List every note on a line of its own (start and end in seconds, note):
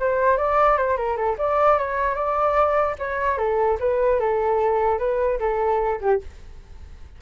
0.00 0.38 C5
0.38 0.78 D5
0.78 0.97 C5
0.97 1.17 A#4
1.17 1.37 A4
1.38 1.79 D5
1.79 2.15 C#5
2.15 2.96 D5
2.99 3.38 C#5
3.38 3.78 A4
3.80 4.20 B4
4.20 4.99 A4
4.99 5.39 B4
5.40 6.00 A4
6.01 6.22 G4